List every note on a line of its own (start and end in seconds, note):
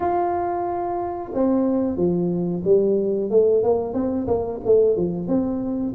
0.00 1.31 F4
1.34 1.96 C4
1.96 2.62 F3
2.64 3.30 G3
3.30 3.63 A3
3.63 3.93 A#3
3.93 4.26 C4
4.27 4.60 A#3
4.65 4.96 A3
4.96 5.27 F3
5.27 5.93 C4